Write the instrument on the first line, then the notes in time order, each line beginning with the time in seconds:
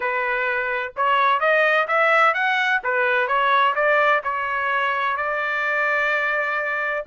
trumpet
0.00 B4
0.96 C#5
1.40 D#5
1.87 E5
2.34 F#5
2.83 B4
3.27 C#5
3.75 D5
4.23 C#5
5.16 D5